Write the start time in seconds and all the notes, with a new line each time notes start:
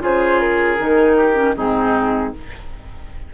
0.00 C#3 F4 G#4 C5
0.40 A#4
0.79 D#3 D#4
1.17 G4
1.35 C#4
1.57 G#2 C4 D#4 G#4